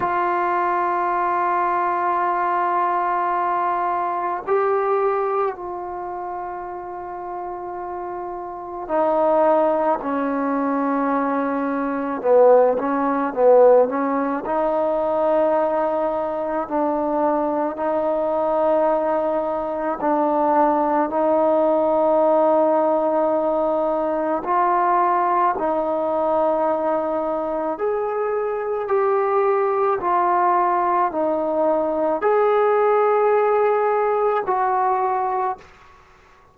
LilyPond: \new Staff \with { instrumentName = "trombone" } { \time 4/4 \tempo 4 = 54 f'1 | g'4 f'2. | dis'4 cis'2 b8 cis'8 | b8 cis'8 dis'2 d'4 |
dis'2 d'4 dis'4~ | dis'2 f'4 dis'4~ | dis'4 gis'4 g'4 f'4 | dis'4 gis'2 fis'4 | }